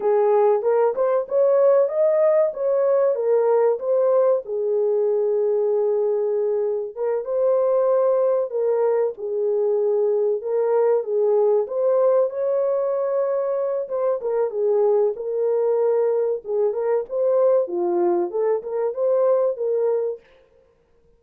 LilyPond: \new Staff \with { instrumentName = "horn" } { \time 4/4 \tempo 4 = 95 gis'4 ais'8 c''8 cis''4 dis''4 | cis''4 ais'4 c''4 gis'4~ | gis'2. ais'8 c''8~ | c''4. ais'4 gis'4.~ |
gis'8 ais'4 gis'4 c''4 cis''8~ | cis''2 c''8 ais'8 gis'4 | ais'2 gis'8 ais'8 c''4 | f'4 a'8 ais'8 c''4 ais'4 | }